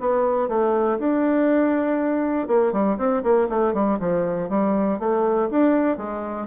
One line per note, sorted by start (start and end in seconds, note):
0.00 0.48 B3
0.48 0.98 A3
0.99 2.48 D4
2.48 2.72 A#3
2.72 2.97 G3
2.98 3.23 C4
3.23 3.48 A#3
3.49 3.74 A3
3.74 3.99 G3
4.00 4.49 F3
4.49 4.99 G3
4.99 5.49 A3
5.51 5.97 D4
5.97 6.47 G#3